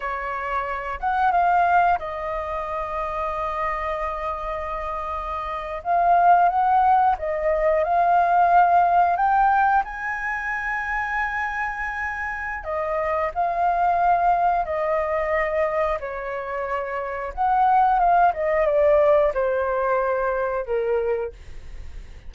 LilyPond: \new Staff \with { instrumentName = "flute" } { \time 4/4 \tempo 4 = 90 cis''4. fis''8 f''4 dis''4~ | dis''1~ | dis''8. f''4 fis''4 dis''4 f''16~ | f''4.~ f''16 g''4 gis''4~ gis''16~ |
gis''2. dis''4 | f''2 dis''2 | cis''2 fis''4 f''8 dis''8 | d''4 c''2 ais'4 | }